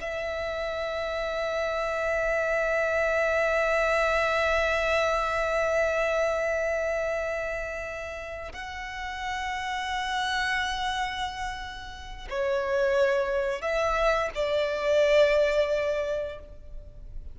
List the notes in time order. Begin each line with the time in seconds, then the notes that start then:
0.00 E5
8.53 F#5
12.29 C#5
13.61 E5
14.35 D5